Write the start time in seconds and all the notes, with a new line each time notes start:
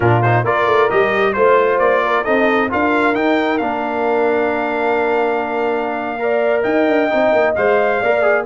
0.00 A#2 D4 F4 A#4
0.22 D#4 C5
0.43 A#3 F4 A#4 D5
0.66 A3
0.89 G3 G4 D#5
1.33 A3 F4 C5
1.78 A#3 D5
2.05 A#4
2.24 C4 D#4 A4 D#5
2.69 D4 F4 A#4 F5
3.14 D#4 G5
3.58 A#3 D4 F5
6.19 A#4 D5
6.63 D#4 D#5 G5
6.87 D4
7.10 C4 D#4
7.32 A#3
7.55 G#3 C5 F5
7.99 A#3 A#4 D5
8.21 G#4